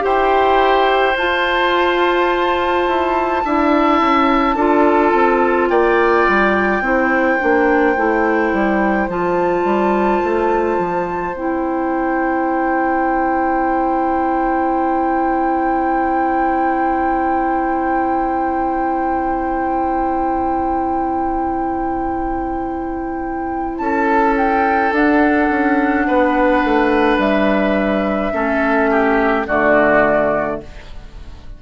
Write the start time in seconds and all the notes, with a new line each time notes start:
0.00 E4 G4 C5 G5
1.16 F4 A5
2.87 E4
3.45 D4 E4 E5
4.01 C#4
4.56 D4 F4 A4
5.13 C4
5.69 A#3 D5 G5
6.28 G3
6.81 C4 E4 C5
7.39 A#3 D4
7.97 A3 E4
8.53 G3
9.08 F3 F4 A5
9.64 G3
10.24 A3
10.78 F3
11.34 C4 E4 G5
23.78 C#4 A4 A5
24.37 G5
24.92 D4 F#5
25.50 C#4
26.07 B3 B4
26.64 A3
27.18 G3 E5
28.33 A3 C#4 A4
28.91 G4
29.47 D3 A3 F#4 D5